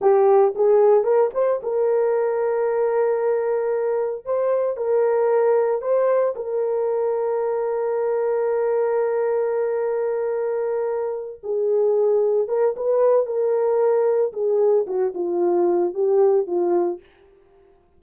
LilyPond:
\new Staff \with { instrumentName = "horn" } { \time 4/4 \tempo 4 = 113 g'4 gis'4 ais'8 c''8 ais'4~ | ais'1 | c''4 ais'2 c''4 | ais'1~ |
ais'1~ | ais'4. gis'2 ais'8 | b'4 ais'2 gis'4 | fis'8 f'4. g'4 f'4 | }